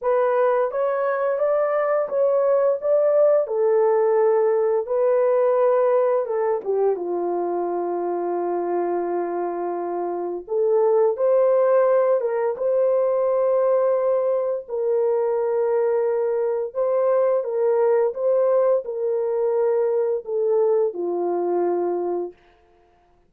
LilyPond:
\new Staff \with { instrumentName = "horn" } { \time 4/4 \tempo 4 = 86 b'4 cis''4 d''4 cis''4 | d''4 a'2 b'4~ | b'4 a'8 g'8 f'2~ | f'2. a'4 |
c''4. ais'8 c''2~ | c''4 ais'2. | c''4 ais'4 c''4 ais'4~ | ais'4 a'4 f'2 | }